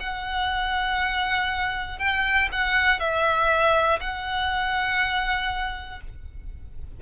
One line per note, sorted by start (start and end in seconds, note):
0.00 1.99 F#5
1.99 2.49 G5
2.52 3.00 F#5
3.00 4.00 E5
4.00 6.00 F#5